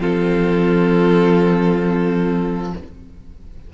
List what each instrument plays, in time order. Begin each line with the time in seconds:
0.00 cello F3, viola C4, violin F4 A4